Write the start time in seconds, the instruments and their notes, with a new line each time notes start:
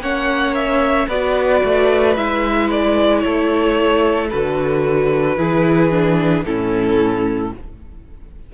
0.00 cello A#3, viola C#4, violin C#5 F#5
0.55 violin E5
1.08 cello B3, viola F#4, violin B4 D5
1.64 cello A3
2.16 cello G#3, viola E4, violin E5
2.71 violin D5
3.20 cello A3, violin A4 C#5
4.30 cello D3, viola F#4, violin B4
5.37 cello E3, viola E4, violin G#4
5.91 viola D4
6.45 cello A2, viola C#4, violin E4 A4